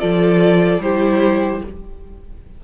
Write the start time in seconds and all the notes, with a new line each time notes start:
0.00 F3 F4 A4 D5
0.79 G3 E4 G4 C5